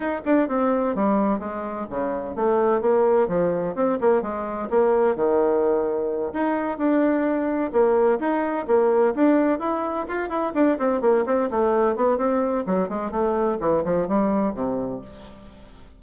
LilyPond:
\new Staff \with { instrumentName = "bassoon" } { \time 4/4 \tempo 4 = 128 dis'8 d'8 c'4 g4 gis4 | cis4 a4 ais4 f4 | c'8 ais8 gis4 ais4 dis4~ | dis4. dis'4 d'4.~ |
d'8 ais4 dis'4 ais4 d'8~ | d'8 e'4 f'8 e'8 d'8 c'8 ais8 | c'8 a4 b8 c'4 fis8 gis8 | a4 e8 f8 g4 c4 | }